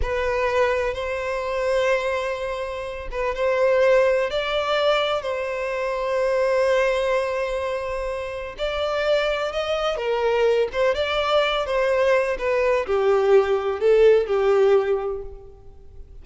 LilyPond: \new Staff \with { instrumentName = "violin" } { \time 4/4 \tempo 4 = 126 b'2 c''2~ | c''2~ c''8 b'8 c''4~ | c''4 d''2 c''4~ | c''1~ |
c''2 d''2 | dis''4 ais'4. c''8 d''4~ | d''8 c''4. b'4 g'4~ | g'4 a'4 g'2 | }